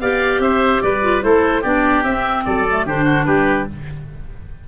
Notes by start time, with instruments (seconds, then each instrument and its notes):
0.00 tuba B3, clarinet G4, oboe D5 F5
0.39 tuba C4, oboe C5 E5
0.82 tuba G3, oboe B4 D5
1.02 clarinet F4
1.21 tuba A3, clarinet E4, oboe A4 C5
1.61 tuba B3, clarinet D4, oboe G4 D5
2.03 tuba C4, clarinet C4, oboe E5
2.45 tuba F#3, oboe A4 D5
2.69 clarinet A3
2.86 tuba D3, clarinet D4, oboe G4 C5
3.04 oboe F#4
3.25 tuba G3, oboe G4 B4